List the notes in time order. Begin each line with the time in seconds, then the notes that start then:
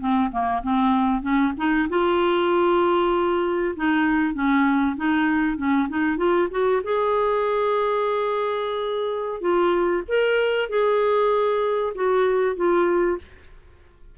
0.00 C4
0.31 A#3
0.63 C4
1.22 C#4
1.57 D#4
1.89 F4
3.76 D#4
4.34 C#4
4.96 D#4
5.57 C#4
5.89 D#4
6.17 F4
6.51 F#4
6.83 G#4
9.40 F4
10.08 A#4
10.69 G#4
11.94 F#4
12.56 F4